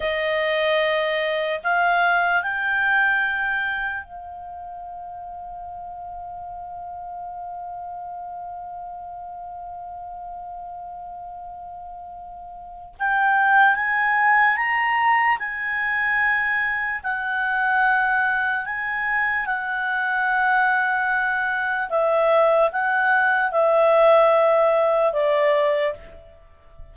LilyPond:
\new Staff \with { instrumentName = "clarinet" } { \time 4/4 \tempo 4 = 74 dis''2 f''4 g''4~ | g''4 f''2.~ | f''1~ | f''1 |
g''4 gis''4 ais''4 gis''4~ | gis''4 fis''2 gis''4 | fis''2. e''4 | fis''4 e''2 d''4 | }